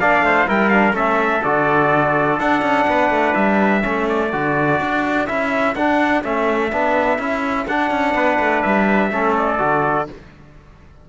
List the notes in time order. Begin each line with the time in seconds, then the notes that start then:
0.00 A#3 D4 D5 F5
0.23 A3 C5
0.48 G3 E4 A#4 G5
0.70 D4 F5
0.93 A3 C#4 A4 E5
1.44 D3 F#4 D5
2.40 D4 F#5
2.62 C#4
2.88 B3 B4
3.10 A3
3.35 G3 E5
3.81 A3 C#4 A4
4.09 D5
4.33 D3 F#4
4.80 D4
5.27 C#4 E4 E5
5.76 D4 F#5
6.24 A3 C#4 E5
6.73 B3 D4
7.19 C#4 E4
7.68 D4 F#5
7.91 C#4
8.15 B3 B4
8.40 A3
8.63 G3 E5
9.12 A3 C#4 A4
9.38 D5
9.59 D3 F#4